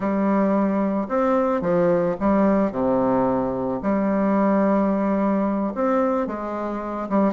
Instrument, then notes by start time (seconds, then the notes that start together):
bassoon
0.00 G3
1.08 C4
1.61 F3
2.19 G3
2.71 C3
3.82 G3
5.74 C4
6.27 G#3
7.09 G3